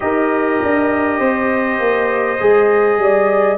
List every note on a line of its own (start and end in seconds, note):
0.00 0.61 D#4
0.00 2.38 G4
0.00 1.19 A#4
0.00 3.58 D#5
0.62 1.19 D4
1.19 1.79 C4
1.19 2.99 C5
1.79 2.39 A#3
2.40 2.98 G#3
2.40 3.58 G#4
2.98 3.58 G3
2.98 3.58 D5